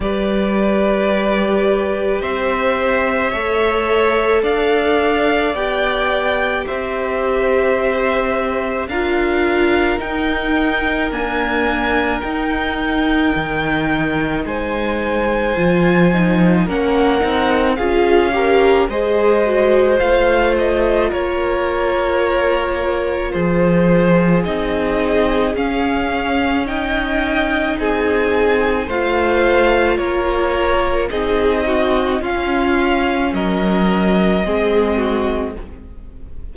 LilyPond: <<
  \new Staff \with { instrumentName = "violin" } { \time 4/4 \tempo 4 = 54 d''2 e''2 | f''4 g''4 e''2 | f''4 g''4 gis''4 g''4~ | g''4 gis''2 fis''4 |
f''4 dis''4 f''8 dis''8 cis''4~ | cis''4 c''4 dis''4 f''4 | g''4 gis''4 f''4 cis''4 | dis''4 f''4 dis''2 | }
  \new Staff \with { instrumentName = "violin" } { \time 4/4 b'2 c''4 cis''4 | d''2 c''2 | ais'1~ | ais'4 c''2 ais'4 |
gis'8 ais'8 c''2 ais'4~ | ais'4 gis'2. | dis''4 gis'4 c''4 ais'4 | gis'8 fis'8 f'4 ais'4 gis'8 fis'8 | }
  \new Staff \with { instrumentName = "viola" } { \time 4/4 g'2. a'4~ | a'4 g'2. | f'4 dis'4 ais4 dis'4~ | dis'2 f'8 dis'8 cis'8 dis'8 |
f'8 g'8 gis'8 fis'8 f'2~ | f'2 dis'4 cis'4 | dis'2 f'2 | dis'4 cis'2 c'4 | }
  \new Staff \with { instrumentName = "cello" } { \time 4/4 g2 c'4 a4 | d'4 b4 c'2 | d'4 dis'4 d'4 dis'4 | dis4 gis4 f4 ais8 c'8 |
cis'4 gis4 a4 ais4~ | ais4 f4 c'4 cis'4~ | cis'4 c'4 a4 ais4 | c'4 cis'4 fis4 gis4 | }
>>